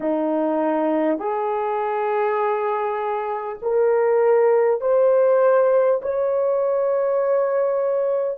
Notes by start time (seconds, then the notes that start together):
0.00 D#4
1.18 G#4
3.62 A#4
4.80 C5
6.02 C#5